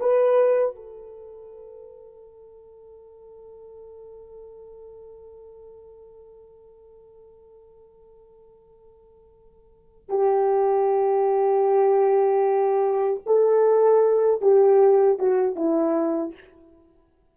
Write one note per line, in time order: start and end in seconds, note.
0.00 0.75 B4
0.75 10.09 A4
10.09 13.20 G4
13.26 14.41 A4
14.41 15.18 G4
15.18 15.56 F#4
15.56 16.34 E4